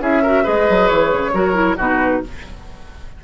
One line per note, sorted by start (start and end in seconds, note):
0.00 0.44 C#4
0.00 0.22 E4
0.00 0.22 G#4
0.00 0.46 E5
0.22 0.44 F#4
0.22 0.43 A#4
0.43 0.69 G#3
0.43 1.32 G#4
0.43 1.31 B4
0.43 0.88 D#5
0.69 0.90 F#3
0.88 1.12 E3
0.88 1.76 C#5
1.12 1.33 C#3
1.33 1.77 F#3
1.33 1.54 F#4
1.33 1.77 A#4
1.54 1.76 E4
1.77 2.22 B2
1.77 2.23 D#4
1.77 2.21 F#4
1.77 2.24 B4